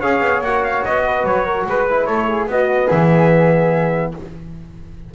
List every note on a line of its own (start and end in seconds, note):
0.00 0.20 C#4
0.00 0.44 G#4
0.00 1.03 C#5
0.00 0.42 F5
0.20 0.41 B3
0.41 0.82 A#3
0.41 1.89 F#4
0.41 0.64 F#5
0.64 0.84 F5
0.85 1.24 B3
0.85 1.26 D#5
1.06 1.45 B4
1.24 1.65 F#3
1.24 1.67 C#5
1.45 1.66 A#4
1.66 2.07 G#3
1.66 2.07 B4
1.66 2.05 B4
1.89 2.49 E4
2.05 2.47 A3
2.05 2.27 A4
2.05 2.47 C#5
2.29 2.49 G#4
2.47 2.88 B3
2.47 4.14 B3
2.47 2.87 F#4
2.47 2.90 D#5
2.87 4.14 E3
2.87 4.10 G#4
2.87 4.14 E5